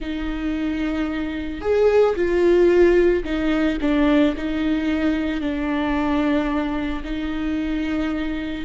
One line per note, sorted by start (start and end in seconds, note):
0.00 1.61 D#4
1.61 2.15 G#4
2.15 3.23 F4
3.24 3.78 D#4
3.81 4.35 D4
4.36 5.40 D#4
5.40 7.02 D4
7.03 8.65 D#4